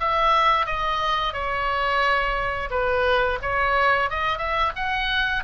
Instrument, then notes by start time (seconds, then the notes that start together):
oboe
0.00 E5
0.66 D#5
1.33 C#5
2.71 B4
3.42 C#5
4.10 D#5
4.38 E5
4.75 F#5